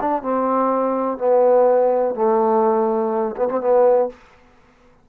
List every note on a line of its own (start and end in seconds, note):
0.00 0.22 D4
0.22 1.18 C4
1.18 2.14 B3
2.14 3.35 A3
3.36 3.48 B3
3.48 3.60 C4
3.61 4.09 B3